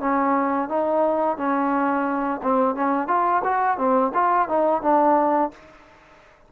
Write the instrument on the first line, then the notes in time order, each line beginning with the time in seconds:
trombone
0.00 C#4
0.69 D#4
1.38 C#4
2.43 C4
2.76 C#4
3.08 F4
3.44 F#4
3.77 C4
4.14 F4
4.48 D#4
4.82 D4